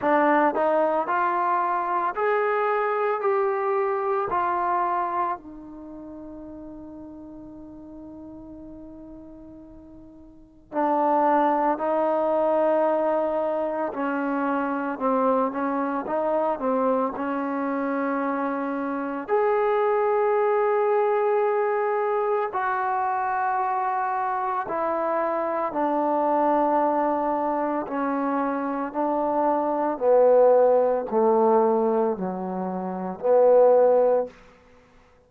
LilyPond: \new Staff \with { instrumentName = "trombone" } { \time 4/4 \tempo 4 = 56 d'8 dis'8 f'4 gis'4 g'4 | f'4 dis'2.~ | dis'2 d'4 dis'4~ | dis'4 cis'4 c'8 cis'8 dis'8 c'8 |
cis'2 gis'2~ | gis'4 fis'2 e'4 | d'2 cis'4 d'4 | b4 a4 fis4 b4 | }